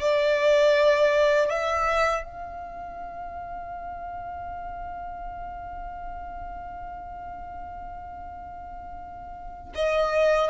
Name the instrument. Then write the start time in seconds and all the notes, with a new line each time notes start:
violin
0.00 D5
1.49 E5
2.22 F5
9.75 D#5